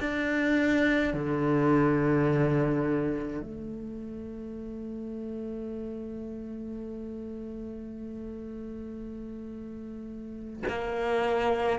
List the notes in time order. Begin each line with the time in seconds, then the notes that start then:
0.00 D4
1.13 D3
3.41 A3
10.68 A#3